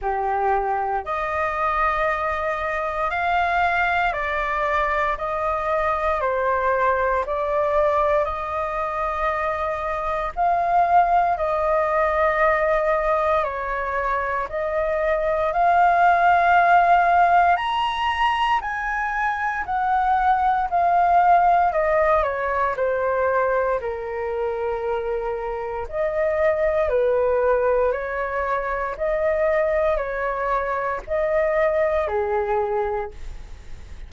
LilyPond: \new Staff \with { instrumentName = "flute" } { \time 4/4 \tempo 4 = 58 g'4 dis''2 f''4 | d''4 dis''4 c''4 d''4 | dis''2 f''4 dis''4~ | dis''4 cis''4 dis''4 f''4~ |
f''4 ais''4 gis''4 fis''4 | f''4 dis''8 cis''8 c''4 ais'4~ | ais'4 dis''4 b'4 cis''4 | dis''4 cis''4 dis''4 gis'4 | }